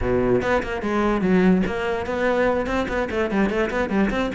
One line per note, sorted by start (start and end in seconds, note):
0.01 0.41 B2
0.41 0.62 B3
0.62 0.81 A#3
0.81 1.21 G#3
1.21 1.62 F#3
1.66 2.06 A#3
2.06 2.66 B3
2.66 2.87 C4
2.88 3.08 B3
3.10 3.30 A3
3.30 3.49 G3
3.49 3.70 A3
3.70 3.89 B3
3.89 4.10 G3
4.10 4.31 C4